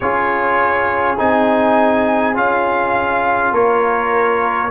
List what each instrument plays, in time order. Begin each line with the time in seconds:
0.00 tuba C#4, trombone F4, horn G#4, trumpet C#5
1.17 tuba C4, trombone D#4, trumpet G#5
2.34 tuba C#4, trombone F4, trumpet F5
3.51 tuba A#3, horn A#4, trumpet C#5